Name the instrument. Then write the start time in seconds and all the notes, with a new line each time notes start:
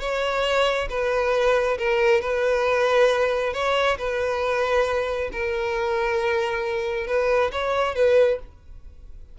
violin
0.00 C#5
0.90 B4
1.78 A#4
2.21 B4
3.54 C#5
3.98 B4
5.33 A#4
7.07 B4
7.52 C#5
7.95 B4